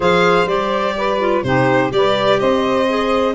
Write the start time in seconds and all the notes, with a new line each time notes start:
0.00 F3 G#4 C5 F5
0.46 G3 G4 D5
0.97 B4
1.19 F4
1.43 C3 D#4 G4 C5
1.89 G3 G4 D5
1.96 B4
2.39 C4 C5 D#5
2.88 G#4